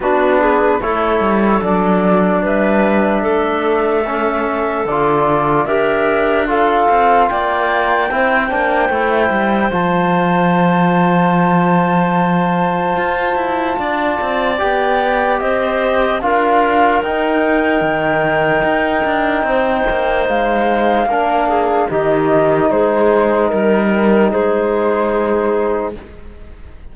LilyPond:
<<
  \new Staff \with { instrumentName = "flute" } { \time 4/4 \tempo 4 = 74 b'4 cis''4 d''4 e''4~ | e''2 d''4 e''4 | f''4 g''2. | a''1~ |
a''2 g''4 dis''4 | f''4 g''2.~ | g''4 f''2 dis''4 | c''4 ais'4 c''2 | }
  \new Staff \with { instrumentName = "clarinet" } { \time 4/4 fis'8 gis'8 a'2 b'4 | a'2. ais'4 | a'4 d''4 c''2~ | c''1~ |
c''4 d''2 c''4 | ais'1 | c''2 ais'8 gis'8 g'4 | gis'4 ais'4 gis'2 | }
  \new Staff \with { instrumentName = "trombone" } { \time 4/4 d'4 e'4 d'2~ | d'4 cis'4 f'4 g'4 | f'2 e'8 d'8 e'4 | f'1~ |
f'2 g'2 | f'4 dis'2.~ | dis'2 d'4 dis'4~ | dis'1 | }
  \new Staff \with { instrumentName = "cello" } { \time 4/4 b4 a8 g8 fis4 g4 | a2 d4 d'4~ | d'8 c'8 ais4 c'8 ais8 a8 g8 | f1 |
f'8 e'8 d'8 c'8 b4 c'4 | d'4 dis'4 dis4 dis'8 d'8 | c'8 ais8 gis4 ais4 dis4 | gis4 g4 gis2 | }
>>